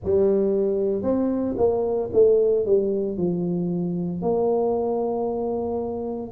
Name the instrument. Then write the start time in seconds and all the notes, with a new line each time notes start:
tuba
0.04 G3
1.02 C4
1.57 A#3
2.12 A3
2.65 G3
3.17 F3
4.21 A#3